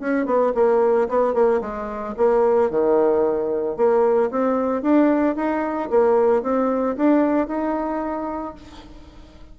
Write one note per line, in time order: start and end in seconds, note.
0.00 0.26 C#4
0.26 0.53 B3
0.55 1.09 A#3
1.09 1.34 B3
1.34 1.61 A#3
1.61 2.15 G#3
2.18 2.71 A#3
2.71 3.77 D#3
3.77 4.31 A#3
4.31 4.83 C4
4.83 5.36 D4
5.36 5.90 D#4
5.91 6.43 A#3
6.43 6.97 C4
6.97 7.48 D4
7.48 8.55 D#4